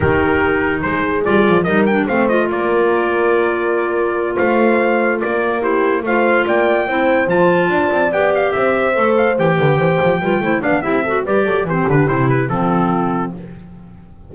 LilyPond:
<<
  \new Staff \with { instrumentName = "trumpet" } { \time 4/4 \tempo 4 = 144 ais'2 c''4 d''4 | dis''8 g''8 f''8 dis''8 d''2~ | d''2~ d''8 f''4.~ | f''8 d''4 c''4 f''4 g''8~ |
g''4. a''2 g''8 | f''8 e''4. f''8 g''4.~ | g''4. f''8 e''4 d''4 | c''8 b'8 c''8 b'8 a'2 | }
  \new Staff \with { instrumentName = "horn" } { \time 4/4 g'2 gis'2 | ais'4 c''4 ais'2~ | ais'2~ ais'8 c''4.~ | c''8 ais'4 g'4 c''4 d''8~ |
d''8 c''2 d''4.~ | d''8 c''2~ c''8 b'8 c''8~ | c''8 b'8 c''8 d''8 g'8 a'8 b'8 a'8 | g'2 f'2 | }
  \new Staff \with { instrumentName = "clarinet" } { \time 4/4 dis'2. f'4 | dis'8 d'8 c'8 f'2~ f'8~ | f'1~ | f'4. e'4 f'4.~ |
f'8 e'4 f'2 g'8~ | g'4. a'4 g'4.~ | g'8 f'8 e'8 d'8 e'8 fis'8 g'4 | c'8 d'8 e'4 c'2 | }
  \new Staff \with { instrumentName = "double bass" } { \time 4/4 dis2 gis4 g8 f8 | g4 a4 ais2~ | ais2~ ais8 a4.~ | a8 ais2 a4 ais8~ |
ais8 c'4 f4 d'8 c'8 b8~ | b8 c'4 a4 e8 d8 e8 | f8 g8 a8 b8 c'4 g8 fis8 | e8 d8 c4 f2 | }
>>